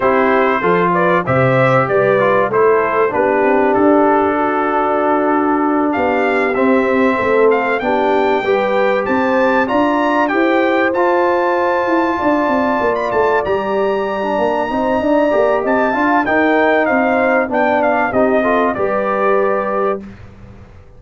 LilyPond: <<
  \new Staff \with { instrumentName = "trumpet" } { \time 4/4 \tempo 4 = 96 c''4. d''8 e''4 d''4 | c''4 b'4 a'2~ | a'4. f''4 e''4. | f''8 g''2 a''4 ais''8~ |
ais''8 g''4 a''2~ a''8~ | a''8. b''16 a''8 ais''2~ ais''8~ | ais''4 a''4 g''4 f''4 | g''8 f''8 dis''4 d''2 | }
  \new Staff \with { instrumentName = "horn" } { \time 4/4 g'4 a'8 b'8 c''4 b'4 | a'4 g'2 fis'4~ | fis'4. g'2 a'8~ | a'8 g'4 b'4 c''4 d''8~ |
d''8 c''2. d''8~ | d''2.~ d''8 c''8 | d''4 dis''8 f''8 ais'4 c''4 | d''4 g'8 a'8 b'2 | }
  \new Staff \with { instrumentName = "trombone" } { \time 4/4 e'4 f'4 g'4. f'8 | e'4 d'2.~ | d'2~ d'8 c'4.~ | c'8 d'4 g'2 f'8~ |
f'8 g'4 f'2~ f'8~ | f'4. g'4~ g'16 d'8. dis'8~ | dis'8 g'4 f'8 dis'2 | d'4 dis'8 f'8 g'2 | }
  \new Staff \with { instrumentName = "tuba" } { \time 4/4 c'4 f4 c4 g4 | a4 b8 c'8 d'2~ | d'4. b4 c'4 a8~ | a8 b4 g4 c'4 d'8~ |
d'8 e'4 f'4. e'8 d'8 | c'8 ais8 a8 g4. ais8 c'8 | d'8 ais8 c'8 d'8 dis'4 c'4 | b4 c'4 g2 | }
>>